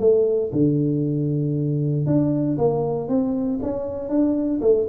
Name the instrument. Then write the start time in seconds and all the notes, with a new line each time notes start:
tuba
0.00 A3
0.53 D3
2.07 D4
2.58 A#3
3.09 C4
3.62 C#4
4.10 D4
4.62 A3